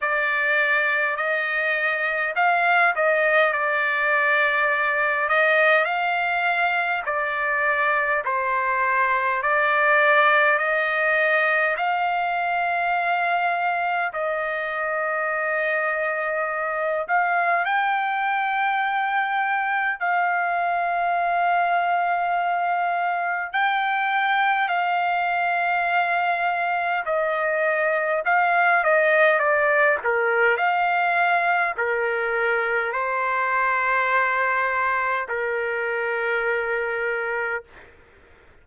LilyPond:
\new Staff \with { instrumentName = "trumpet" } { \time 4/4 \tempo 4 = 51 d''4 dis''4 f''8 dis''8 d''4~ | d''8 dis''8 f''4 d''4 c''4 | d''4 dis''4 f''2 | dis''2~ dis''8 f''8 g''4~ |
g''4 f''2. | g''4 f''2 dis''4 | f''8 dis''8 d''8 ais'8 f''4 ais'4 | c''2 ais'2 | }